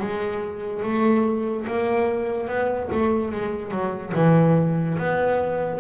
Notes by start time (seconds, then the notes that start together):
0.00 G#3
0.83 A3
1.67 A#3
2.48 B3
2.92 A3
3.32 G#3
3.72 F#3
4.15 E3
4.99 B3